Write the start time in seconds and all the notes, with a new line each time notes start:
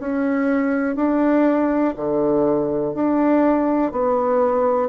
0.00 C#4
0.96 D4
1.97 D3
2.95 D4
3.93 B3